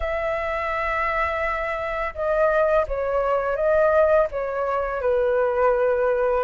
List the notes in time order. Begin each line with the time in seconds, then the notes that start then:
0.00 E5
2.14 D#5
2.87 C#5
3.56 D#5
4.31 C#5
5.01 B4